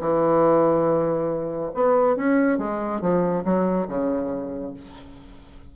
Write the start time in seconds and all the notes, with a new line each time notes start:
0.00 E3
1.74 B3
2.16 C#4
2.58 G#3
3.01 F3
3.44 F#3
3.87 C#3